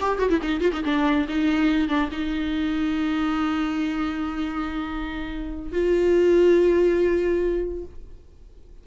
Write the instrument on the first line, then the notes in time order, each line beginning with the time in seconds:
viola
0.00 G4
0.19 F#4
0.29 E4
0.42 D#4
0.61 F4
0.73 D#4
0.84 D4
1.28 D#4
1.88 D4
2.11 D#4
5.72 F4